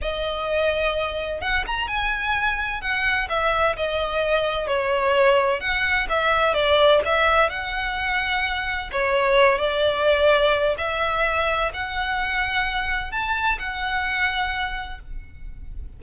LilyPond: \new Staff \with { instrumentName = "violin" } { \time 4/4 \tempo 4 = 128 dis''2. fis''8 ais''8 | gis''2 fis''4 e''4 | dis''2 cis''2 | fis''4 e''4 d''4 e''4 |
fis''2. cis''4~ | cis''8 d''2~ d''8 e''4~ | e''4 fis''2. | a''4 fis''2. | }